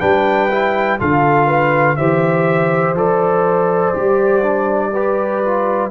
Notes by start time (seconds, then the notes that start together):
0.00 G3 D4 B4 G5
0.51 E4
0.99 D3 F4 A4 F5
1.47 B4
1.97 E3 G4 C5 E5
2.94 F3 A4 D5
3.95 G3 G4
4.43 D4
4.92 G4 B4
5.45 F4